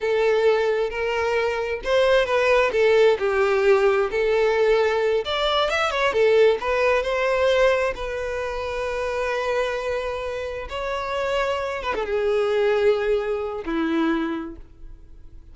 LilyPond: \new Staff \with { instrumentName = "violin" } { \time 4/4 \tempo 4 = 132 a'2 ais'2 | c''4 b'4 a'4 g'4~ | g'4 a'2~ a'8 d''8~ | d''8 e''8 cis''8 a'4 b'4 c''8~ |
c''4. b'2~ b'8~ | b'2.~ b'8 cis''8~ | cis''2 b'16 a'16 gis'4.~ | gis'2 e'2 | }